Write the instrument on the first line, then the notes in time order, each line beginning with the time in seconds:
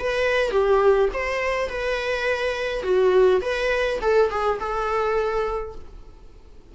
viola
0.00 B4
0.51 G4
1.14 C5
1.70 B4
2.83 F#4
3.42 B4
4.02 A4
4.31 G#4
4.60 A4